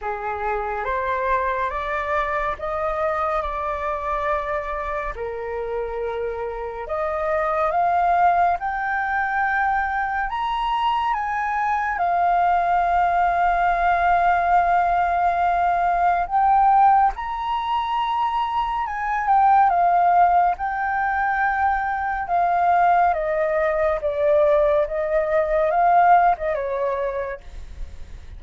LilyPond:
\new Staff \with { instrumentName = "flute" } { \time 4/4 \tempo 4 = 70 gis'4 c''4 d''4 dis''4 | d''2 ais'2 | dis''4 f''4 g''2 | ais''4 gis''4 f''2~ |
f''2. g''4 | ais''2 gis''8 g''8 f''4 | g''2 f''4 dis''4 | d''4 dis''4 f''8. dis''16 cis''4 | }